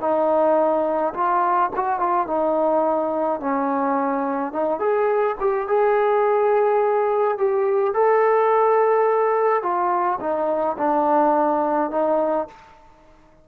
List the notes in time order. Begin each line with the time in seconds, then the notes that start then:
0.00 D#4
1.13 F4
1.75 F#4
1.99 F4
2.26 D#4
3.40 C#4
4.52 D#4
4.79 G#4
5.40 G4
5.68 G#4
7.37 G4
7.93 A4
9.62 F4
10.20 D#4
10.77 D4
11.90 D#4